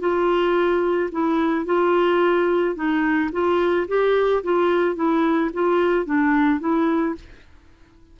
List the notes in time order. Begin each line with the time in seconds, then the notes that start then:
0.00 F4
1.12 E4
1.66 F4
2.75 D#4
3.32 F4
3.88 G4
4.44 F4
4.96 E4
5.53 F4
6.06 D4
6.60 E4